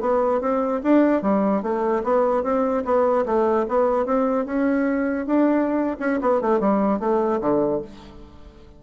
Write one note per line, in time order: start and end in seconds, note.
0.00 0.40 B3
0.40 0.81 C4
0.83 1.22 D4
1.22 1.62 G3
1.62 2.03 A3
2.03 2.43 B3
2.43 2.83 C4
2.84 3.25 B3
3.25 3.66 A3
3.68 4.05 B3
4.05 4.45 C4
4.45 5.26 C#4
5.26 5.97 D4
5.99 6.20 C#4
6.21 6.41 B3
6.41 6.60 A3
6.60 6.99 G3
6.99 7.40 A3
7.41 7.81 D3